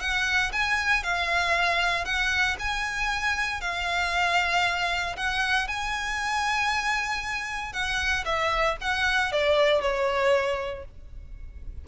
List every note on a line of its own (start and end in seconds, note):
0.00 0.52 F#5
0.52 1.03 G#5
1.03 2.05 F5
2.05 2.57 F#5
2.59 3.61 G#5
3.61 5.16 F5
5.17 5.68 F#5
5.68 7.73 G#5
7.73 8.25 F#5
8.25 8.77 E5
8.81 9.32 F#5
9.32 9.81 D5
9.81 10.85 C#5